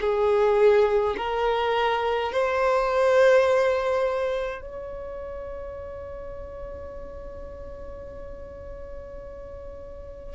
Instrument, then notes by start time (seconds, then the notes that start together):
violin
0.00 G#4
1.17 A#4
2.32 C5
4.62 C#5